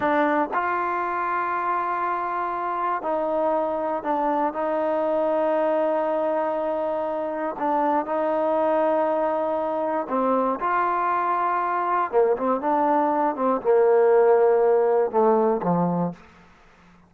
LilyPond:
\new Staff \with { instrumentName = "trombone" } { \time 4/4 \tempo 4 = 119 d'4 f'2.~ | f'2 dis'2 | d'4 dis'2.~ | dis'2. d'4 |
dis'1 | c'4 f'2. | ais8 c'8 d'4. c'8 ais4~ | ais2 a4 f4 | }